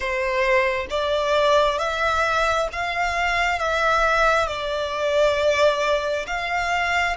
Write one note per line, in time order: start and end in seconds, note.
0.00 0.87 C5
0.90 1.78 D5
1.78 2.68 E5
2.72 3.58 F5
3.58 4.47 E5
4.47 6.26 D5
6.26 7.16 F5